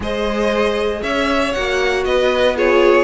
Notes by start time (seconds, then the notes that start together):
0.00 G#3 G#4 C5 D#5
1.02 C#4 C#5 E5
1.52 A#3 F#4 F#5
2.04 B3 B4 D#5
2.56 F4 G#4 C#5